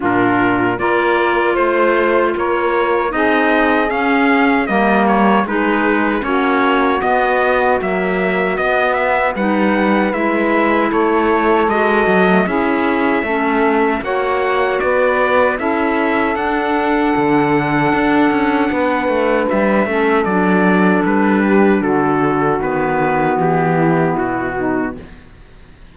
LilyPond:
<<
  \new Staff \with { instrumentName = "trumpet" } { \time 4/4 \tempo 4 = 77 ais'4 d''4 c''4 cis''4 | dis''4 f''4 dis''8 cis''8 b'4 | cis''4 dis''4 e''4 dis''8 e''8 | fis''4 e''4 cis''4 dis''4 |
e''2 fis''4 d''4 | e''4 fis''2.~ | fis''4 e''4 d''4 b'4 | a'4 b'4 g'4 fis'4 | }
  \new Staff \with { instrumentName = "saxophone" } { \time 4/4 f'4 ais'4 c''4 ais'4 | gis'2 ais'4 gis'4 | fis'1 | b'2 a'2 |
gis'4 a'4 cis''4 b'4 | a'1 | b'4. a'2 g'8 | fis'2~ fis'8 e'4 dis'8 | }
  \new Staff \with { instrumentName = "clarinet" } { \time 4/4 d'4 f'2. | dis'4 cis'4 ais4 dis'4 | cis'4 b4 fis4 b4 | dis'4 e'2 fis'8. a16 |
e'4 cis'4 fis'2 | e'4 d'2.~ | d'4. cis'8 d'2~ | d'4 b2. | }
  \new Staff \with { instrumentName = "cello" } { \time 4/4 ais,4 ais4 a4 ais4 | c'4 cis'4 g4 gis4 | ais4 b4 ais4 b4 | g4 gis4 a4 gis8 fis8 |
cis'4 a4 ais4 b4 | cis'4 d'4 d4 d'8 cis'8 | b8 a8 g8 a8 fis4 g4 | d4 dis4 e4 b,4 | }
>>